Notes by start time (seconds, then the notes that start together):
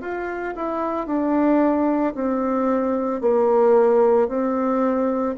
0.00 F4
0.55 E4
1.06 D4
2.14 C4
3.21 A#3
4.28 C4